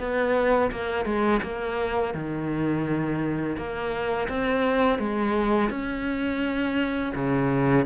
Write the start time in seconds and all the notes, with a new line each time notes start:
0.00 B3
0.72 A#3
1.06 G#3
1.43 A#3
2.14 D#3
3.57 A#3
4.29 C4
4.99 G#3
5.70 C#4
7.16 C#3